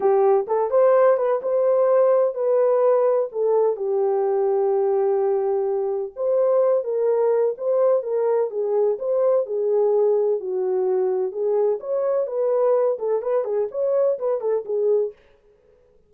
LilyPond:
\new Staff \with { instrumentName = "horn" } { \time 4/4 \tempo 4 = 127 g'4 a'8 c''4 b'8 c''4~ | c''4 b'2 a'4 | g'1~ | g'4 c''4. ais'4. |
c''4 ais'4 gis'4 c''4 | gis'2 fis'2 | gis'4 cis''4 b'4. a'8 | b'8 gis'8 cis''4 b'8 a'8 gis'4 | }